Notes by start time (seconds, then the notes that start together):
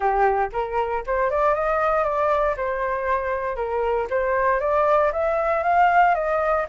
0.00 G4
0.52 A#4
1.06 C5
1.30 D5
1.54 D#5
2.04 D5
2.56 C5
3.56 A#4
4.10 C5
4.60 D5
5.12 E5
5.63 F5
6.14 D#5